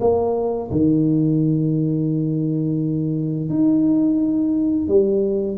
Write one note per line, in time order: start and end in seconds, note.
0.00 0.70 A#3
0.71 3.49 D#3
3.49 4.88 D#4
4.88 5.57 G3